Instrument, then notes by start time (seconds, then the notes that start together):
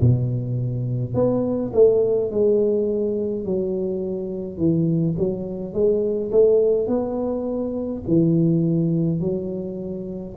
tuba
0.00 B2
1.14 B3
1.73 A3
2.31 G#3
3.45 F#3
4.57 E3
5.18 F#3
5.73 G#3
6.31 A3
6.87 B3
8.07 E3
9.20 F#3